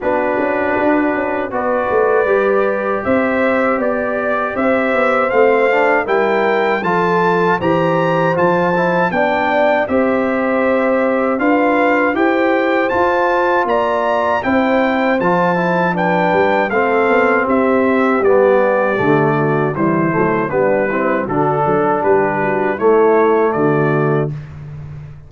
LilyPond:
<<
  \new Staff \with { instrumentName = "trumpet" } { \time 4/4 \tempo 4 = 79 b'2 d''2 | e''4 d''4 e''4 f''4 | g''4 a''4 ais''4 a''4 | g''4 e''2 f''4 |
g''4 a''4 ais''4 g''4 | a''4 g''4 f''4 e''4 | d''2 c''4 b'4 | a'4 b'4 cis''4 d''4 | }
  \new Staff \with { instrumentName = "horn" } { \time 4/4 fis'2 b'2 | c''4 d''4 c''2 | ais'4 a'4 c''2 | d''4 c''2 b'4 |
c''2 d''4 c''4~ | c''4 b'4 a'4 g'4~ | g'4. fis'8 e'4 d'8 e'8 | fis'8 a'8 g'8 fis'8 e'4 fis'4 | }
  \new Staff \with { instrumentName = "trombone" } { \time 4/4 d'2 fis'4 g'4~ | g'2. c'8 d'8 | e'4 f'4 g'4 f'8 e'8 | d'4 g'2 f'4 |
g'4 f'2 e'4 | f'8 e'8 d'4 c'2 | b4 a4 g8 a8 b8 c'8 | d'2 a2 | }
  \new Staff \with { instrumentName = "tuba" } { \time 4/4 b8 cis'8 d'8 cis'8 b8 a8 g4 | c'4 b4 c'8 b8 a4 | g4 f4 e4 f4 | b4 c'2 d'4 |
e'4 f'4 ais4 c'4 | f4. g8 a8 b8 c'4 | g4 d4 e8 fis8 g4 | d8 fis8 g4 a4 d4 | }
>>